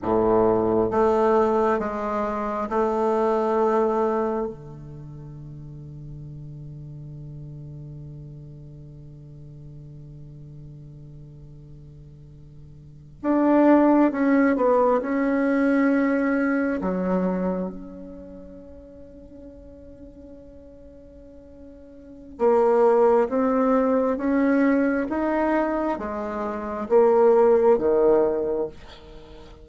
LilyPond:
\new Staff \with { instrumentName = "bassoon" } { \time 4/4 \tempo 4 = 67 a,4 a4 gis4 a4~ | a4 d2.~ | d1~ | d2~ d8. d'4 cis'16~ |
cis'16 b8 cis'2 fis4 cis'16~ | cis'1~ | cis'4 ais4 c'4 cis'4 | dis'4 gis4 ais4 dis4 | }